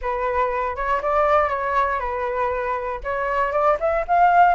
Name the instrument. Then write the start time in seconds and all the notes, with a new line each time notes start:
flute
0.01 B4
0.76 C#5
1.02 D5
1.49 C#5
1.99 B4
3.03 C#5
3.52 D5
3.80 E5
4.07 F5